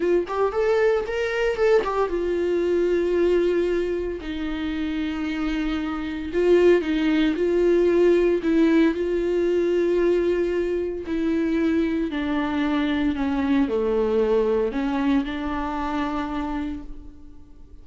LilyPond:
\new Staff \with { instrumentName = "viola" } { \time 4/4 \tempo 4 = 114 f'8 g'8 a'4 ais'4 a'8 g'8 | f'1 | dis'1 | f'4 dis'4 f'2 |
e'4 f'2.~ | f'4 e'2 d'4~ | d'4 cis'4 a2 | cis'4 d'2. | }